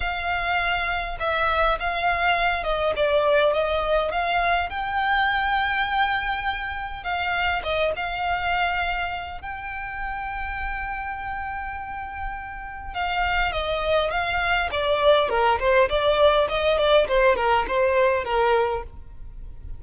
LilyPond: \new Staff \with { instrumentName = "violin" } { \time 4/4 \tempo 4 = 102 f''2 e''4 f''4~ | f''8 dis''8 d''4 dis''4 f''4 | g''1 | f''4 dis''8 f''2~ f''8 |
g''1~ | g''2 f''4 dis''4 | f''4 d''4 ais'8 c''8 d''4 | dis''8 d''8 c''8 ais'8 c''4 ais'4 | }